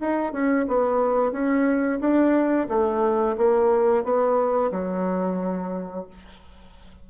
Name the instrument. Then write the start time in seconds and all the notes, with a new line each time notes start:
bassoon
0.00 D#4
0.32 C#4
0.68 B3
1.32 C#4
2.00 D4
2.69 A3
3.37 A#3
4.04 B3
4.72 F#3